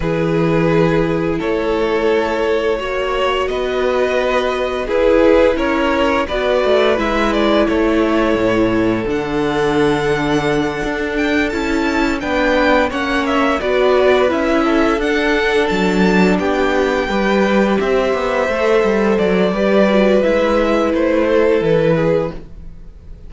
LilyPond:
<<
  \new Staff \with { instrumentName = "violin" } { \time 4/4 \tempo 4 = 86 b'2 cis''2~ | cis''4 dis''2 b'4 | cis''4 d''4 e''8 d''8 cis''4~ | cis''4 fis''2. |
g''8 a''4 g''4 fis''8 e''8 d''8~ | d''8 e''4 fis''4 a''4 g''8~ | g''4. e''2 d''8~ | d''4 e''4 c''4 b'4 | }
  \new Staff \with { instrumentName = "violin" } { \time 4/4 gis'2 a'2 | cis''4 b'2 gis'4 | ais'4 b'2 a'4~ | a'1~ |
a'4. b'4 cis''4 b'8~ | b'4 a'2~ a'8 g'8~ | g'8 b'4 c''2~ c''8 | b'2~ b'8 a'4 gis'8 | }
  \new Staff \with { instrumentName = "viola" } { \time 4/4 e'1 | fis'2. e'4~ | e'4 fis'4 e'2~ | e'4 d'2.~ |
d'8 e'4 d'4 cis'4 fis'8~ | fis'8 e'4 d'2~ d'8~ | d'8 g'2 a'4. | g'8 fis'8 e'2. | }
  \new Staff \with { instrumentName = "cello" } { \time 4/4 e2 a2 | ais4 b2 e'4 | cis'4 b8 a8 gis4 a4 | a,4 d2~ d8 d'8~ |
d'8 cis'4 b4 ais4 b8~ | b8 cis'4 d'4 fis4 b8~ | b8 g4 c'8 b8 a8 g8 fis8 | g4 gis4 a4 e4 | }
>>